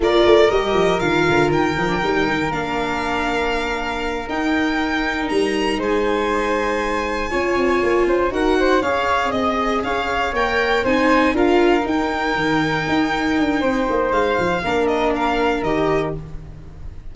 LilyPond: <<
  \new Staff \with { instrumentName = "violin" } { \time 4/4 \tempo 4 = 119 d''4 dis''4 f''4 g''4~ | g''4 f''2.~ | f''8 g''2 ais''4 gis''8~ | gis''1~ |
gis''8 fis''4 f''4 dis''4 f''8~ | f''8 g''4 gis''4 f''4 g''8~ | g''1 | f''4. dis''8 f''4 dis''4 | }
  \new Staff \with { instrumentName = "flute" } { \time 4/4 ais'1~ | ais'1~ | ais'2.~ ais'8 c''8~ | c''2~ c''8 cis''4. |
c''8 ais'8 c''8 cis''4 dis''4 cis''8~ | cis''4. c''4 ais'4.~ | ais'2. c''4~ | c''4 ais'2. | }
  \new Staff \with { instrumentName = "viola" } { \time 4/4 f'4 g'4 f'4. dis'16 d'16 | dis'4 d'2.~ | d'8 dis'2.~ dis'8~ | dis'2~ dis'8 f'4.~ |
f'8 fis'4 gis'2~ gis'8~ | gis'8 ais'4 dis'4 f'4 dis'8~ | dis'1~ | dis'4 d'2 g'4 | }
  \new Staff \with { instrumentName = "tuba" } { \time 4/4 ais8 a8 g8 f8 dis8 d8 dis8 f8 | g8 dis8 ais2.~ | ais8 dis'2 g4 gis8~ | gis2~ gis8 cis'8 c'8 ais8 |
cis'8 dis'4 cis'4 c'4 cis'8~ | cis'8 ais4 c'4 d'4 dis'8~ | dis'8 dis4 dis'4 d'8 c'8 ais8 | gis8 f8 ais2 dis4 | }
>>